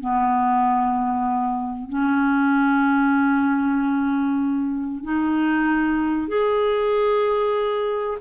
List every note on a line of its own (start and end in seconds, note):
0.00 1.89 B3
1.89 5.03 C#4
5.03 6.28 D#4
6.28 8.17 G#4